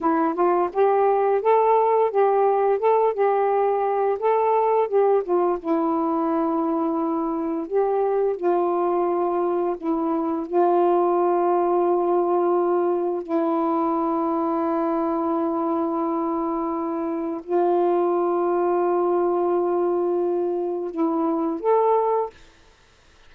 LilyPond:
\new Staff \with { instrumentName = "saxophone" } { \time 4/4 \tempo 4 = 86 e'8 f'8 g'4 a'4 g'4 | a'8 g'4. a'4 g'8 f'8 | e'2. g'4 | f'2 e'4 f'4~ |
f'2. e'4~ | e'1~ | e'4 f'2.~ | f'2 e'4 a'4 | }